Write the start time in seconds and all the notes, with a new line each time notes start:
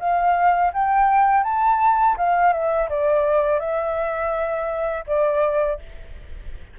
0.00 F5
0.74 G5
1.44 A5
2.18 F5
2.53 E5
2.89 D5
3.60 E5
5.07 D5